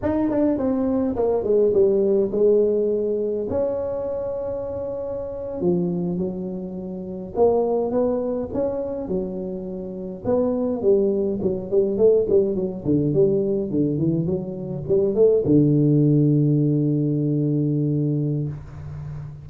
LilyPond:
\new Staff \with { instrumentName = "tuba" } { \time 4/4 \tempo 4 = 104 dis'8 d'8 c'4 ais8 gis8 g4 | gis2 cis'2~ | cis'4.~ cis'16 f4 fis4~ fis16~ | fis8. ais4 b4 cis'4 fis16~ |
fis4.~ fis16 b4 g4 fis16~ | fis16 g8 a8 g8 fis8 d8 g4 d16~ | d16 e8 fis4 g8 a8 d4~ d16~ | d1 | }